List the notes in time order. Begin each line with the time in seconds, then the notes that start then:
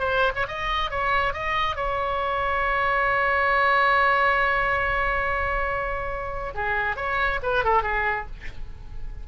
0.00 C5
0.36 C#5
0.48 D#5
0.91 C#5
1.34 D#5
1.76 C#5
6.55 G#4
6.97 C#5
7.43 B4
7.65 A4
7.83 G#4